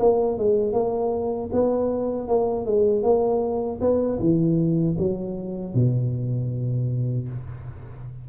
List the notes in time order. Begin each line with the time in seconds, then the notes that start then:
0.00 A#3
0.38 G#3
0.73 A#3
1.53 B3
2.28 A#3
2.66 G#3
3.03 A#3
3.81 B3
4.20 E3
4.98 F#3
5.75 B2